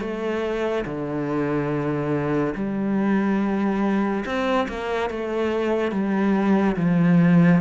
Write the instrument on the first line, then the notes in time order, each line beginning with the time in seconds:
cello
0.00 A3
0.85 D3
2.55 G3
4.25 C4
4.68 A#3
5.10 A3
5.91 G3
6.76 F3